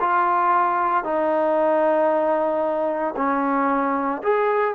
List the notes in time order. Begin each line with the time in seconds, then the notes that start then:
0.00 F4
1.04 D#4
3.17 C#4
4.23 G#4